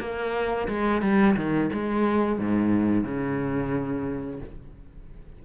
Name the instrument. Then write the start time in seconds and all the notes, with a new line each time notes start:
cello
0.00 A#3
0.68 G#3
1.02 G3
1.37 D#3
1.73 G#3
2.39 G#2
3.04 C#3